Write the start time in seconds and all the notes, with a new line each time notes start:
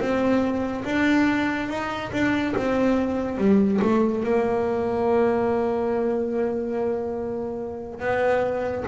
0.00 C4
0.85 D4
1.69 D#4
2.13 D4
2.57 C4
3.38 G3
3.82 A3
4.24 A#3
8.00 B3